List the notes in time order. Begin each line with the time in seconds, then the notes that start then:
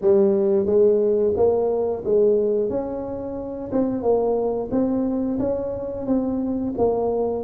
0.01 G3
0.66 G#3
1.36 A#3
2.04 G#3
2.69 C#4
3.72 C4
4.02 A#3
4.71 C4
5.39 C#4
6.06 C4
6.78 A#3